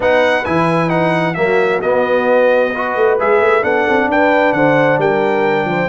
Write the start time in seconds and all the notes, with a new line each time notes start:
0.00 B3 D#4 B4 F#5
0.45 E3 E4 G#5
0.88 D#4 F#5
1.34 F#3 A#3 F#4 E5
1.81 B3 D#5
2.73 F#4 B4
2.96 A3
3.19 G#3 G#4 E5
3.39 A3
3.61 B3 D4 A4 F#5
3.88 C4
4.08 D4 B4 G5
4.52 D3 C5 F#5
4.98 G3 A#4 G5
5.64 F3 C5